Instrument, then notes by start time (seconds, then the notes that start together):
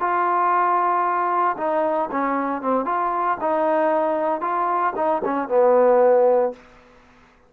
trombone
0.00 F4
1.57 D#4
2.12 C#4
2.62 C4
2.86 F4
3.41 D#4
4.41 F4
4.96 D#4
5.24 C#4
5.49 B3